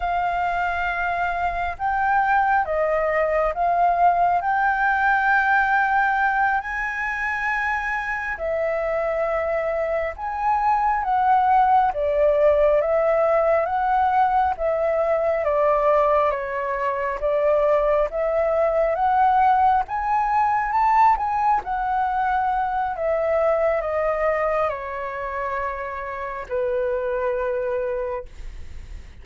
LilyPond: \new Staff \with { instrumentName = "flute" } { \time 4/4 \tempo 4 = 68 f''2 g''4 dis''4 | f''4 g''2~ g''8 gis''8~ | gis''4. e''2 gis''8~ | gis''8 fis''4 d''4 e''4 fis''8~ |
fis''8 e''4 d''4 cis''4 d''8~ | d''8 e''4 fis''4 gis''4 a''8 | gis''8 fis''4. e''4 dis''4 | cis''2 b'2 | }